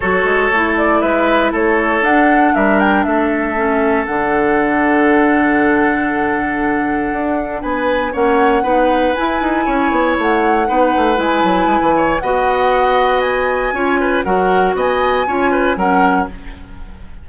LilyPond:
<<
  \new Staff \with { instrumentName = "flute" } { \time 4/4 \tempo 4 = 118 cis''4. d''8 e''4 cis''4 | fis''4 e''8 g''8 e''2 | fis''1~ | fis''2. gis''4 |
fis''2 gis''2 | fis''2 gis''2 | fis''2 gis''2 | fis''4 gis''2 fis''4 | }
  \new Staff \with { instrumentName = "oboe" } { \time 4/4 a'2 b'4 a'4~ | a'4 ais'4 a'2~ | a'1~ | a'2. b'4 |
cis''4 b'2 cis''4~ | cis''4 b'2~ b'8 cis''8 | dis''2. cis''8 b'8 | ais'4 dis''4 cis''8 b'8 ais'4 | }
  \new Staff \with { instrumentName = "clarinet" } { \time 4/4 fis'4 e'2. | d'2. cis'4 | d'1~ | d'1 |
cis'4 dis'4 e'2~ | e'4 dis'4 e'2 | fis'2. f'4 | fis'2 f'4 cis'4 | }
  \new Staff \with { instrumentName = "bassoon" } { \time 4/4 fis8 gis8 a4 gis4 a4 | d'4 g4 a2 | d1~ | d2 d'4 b4 |
ais4 b4 e'8 dis'8 cis'8 b8 | a4 b8 a8 gis8 fis8 gis16 e8. | b2. cis'4 | fis4 b4 cis'4 fis4 | }
>>